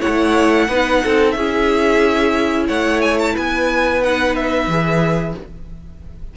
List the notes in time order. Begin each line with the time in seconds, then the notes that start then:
0.00 E4 C#5 F#5
0.07 A3
0.68 B3 D#4 B4
1.04 C4 A4
1.31 C#4 G#4 E5
1.37 E4
2.67 A3 C#5 F#5
3.01 G#5
3.19 A5
3.34 B3 B4 G#5
4.03 D#4 F#5
4.36 E5
4.67 E3 G#4